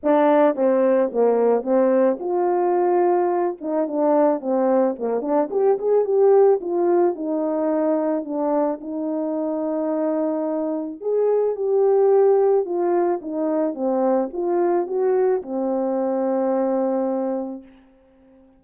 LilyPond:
\new Staff \with { instrumentName = "horn" } { \time 4/4 \tempo 4 = 109 d'4 c'4 ais4 c'4 | f'2~ f'8 dis'8 d'4 | c'4 ais8 d'8 g'8 gis'8 g'4 | f'4 dis'2 d'4 |
dis'1 | gis'4 g'2 f'4 | dis'4 c'4 f'4 fis'4 | c'1 | }